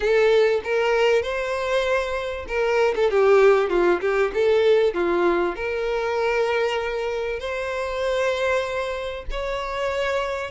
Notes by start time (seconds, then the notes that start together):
0.00 A4
0.64 A#4
1.22 C5
2.47 A#4
2.95 A4
3.10 G4
3.69 F4
4.00 G4
4.34 A4
4.93 F4
5.55 A#4
7.39 C5
9.30 C#5